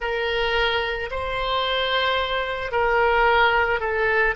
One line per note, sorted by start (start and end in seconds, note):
0.00 1.10 A#4
1.10 2.71 C5
2.71 3.80 A#4
3.80 4.34 A4